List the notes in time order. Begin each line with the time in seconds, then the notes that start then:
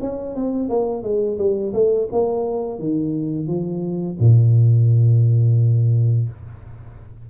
0.00 C#4
0.35 C4
0.68 A#3
1.02 G#3
1.38 G3
1.73 A3
2.12 A#3
2.79 D#3
3.47 F3
4.19 A#2